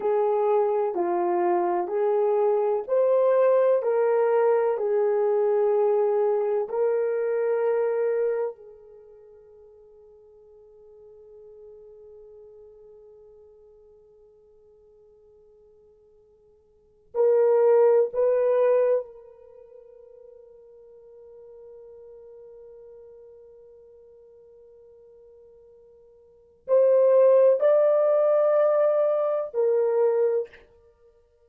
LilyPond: \new Staff \with { instrumentName = "horn" } { \time 4/4 \tempo 4 = 63 gis'4 f'4 gis'4 c''4 | ais'4 gis'2 ais'4~ | ais'4 gis'2.~ | gis'1~ |
gis'2 ais'4 b'4 | ais'1~ | ais'1 | c''4 d''2 ais'4 | }